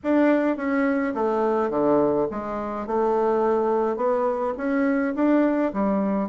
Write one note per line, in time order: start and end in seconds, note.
0.03 0.56 D4
0.56 1.14 C#4
1.14 1.70 A3
1.70 2.27 D3
2.30 2.86 G#3
2.86 3.96 A3
3.96 4.53 B3
4.57 5.14 C#4
5.15 5.72 D4
5.73 6.29 G3